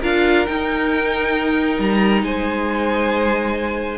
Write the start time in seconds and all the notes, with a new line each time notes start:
0.00 D4 F4 A#4 F5
0.46 D#4 G5
1.79 G3 A#5
2.22 G#3 C5 G#5